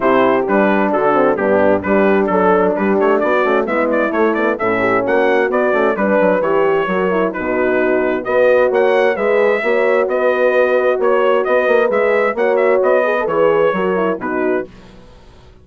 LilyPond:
<<
  \new Staff \with { instrumentName = "trumpet" } { \time 4/4 \tempo 4 = 131 c''4 b'4 a'4 g'4 | b'4 a'4 b'8 cis''8 d''4 | e''8 d''8 cis''8 d''8 e''4 fis''4 | d''4 b'4 cis''2 |
b'2 dis''4 fis''4 | e''2 dis''2 | cis''4 dis''4 e''4 fis''8 e''8 | dis''4 cis''2 b'4 | }
  \new Staff \with { instrumentName = "horn" } { \time 4/4 g'2 fis'4 d'4 | g'4 a'4 g'4 fis'4 | e'2 a'8 g'8 fis'4~ | fis'4 b'2 ais'4 |
fis'2 b'4 cis''4 | b'4 cis''4 b'2 | cis''4 b'2 cis''4~ | cis''8 b'4. ais'4 fis'4 | }
  \new Staff \with { instrumentName = "horn" } { \time 4/4 e'4 d'4. c'8 b4 | d'2.~ d'8 cis'8 | b4 a8 b8 cis'2 | b8 cis'8 d'4 g'4 fis'8 e'8 |
dis'2 fis'2 | gis'4 fis'2.~ | fis'2 gis'4 fis'4~ | fis'8 gis'16 a'16 gis'4 fis'8 e'8 dis'4 | }
  \new Staff \with { instrumentName = "bassoon" } { \time 4/4 c4 g4 d4 g,4 | g4 fis4 g8 a8 b8 a8 | gis4 a4 a,4 ais4 | b8 a8 g8 fis8 e4 fis4 |
b,2 b4 ais4 | gis4 ais4 b2 | ais4 b8 ais8 gis4 ais4 | b4 e4 fis4 b,4 | }
>>